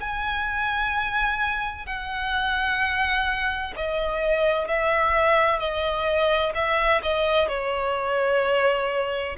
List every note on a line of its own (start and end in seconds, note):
0.00 1.86 G#5
1.86 3.73 F#5
3.76 4.67 D#5
4.67 5.59 E5
5.59 6.52 D#5
6.55 7.01 E5
7.02 7.48 D#5
7.48 9.35 C#5